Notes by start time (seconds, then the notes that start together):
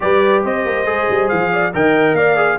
0.00 G3 G4 B4 D5
0.44 C4 C5 D#5
0.65 A#3
0.85 G#3 G#4
1.09 G3
1.28 F3 F5
1.52 D5
1.73 D#3 A#4 D#5 G5
2.13 A#3 D5 F5
2.36 G#4